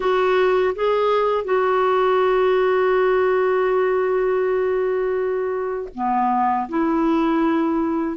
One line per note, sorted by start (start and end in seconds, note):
0.00 0.74 F#4
0.75 1.44 G#4
1.44 5.89 F#4
5.94 6.68 B3
6.69 8.17 E4